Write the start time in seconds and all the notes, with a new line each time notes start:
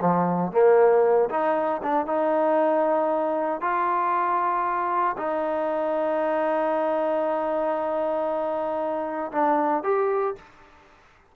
0.00 F3
0.52 A#3
1.30 D#4
1.82 D4
2.06 D#4
3.61 F4
5.17 D#4
9.32 D4
9.83 G4